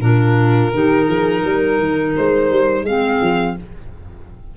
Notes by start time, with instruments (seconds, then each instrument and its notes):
0.00 tuba A#2, clarinet D4, horn F4, violin A#4
0.74 tuba D#3, clarinet D#4, horn G4
1.05 tuba F3, horn G#4
1.42 tuba G3, horn A#4
1.79 tuba D#3
2.16 tuba G#3, violin C5
2.50 tuba G3
2.83 tuba G#3, clarinet C4, horn G#4, violin F5
3.21 tuba F3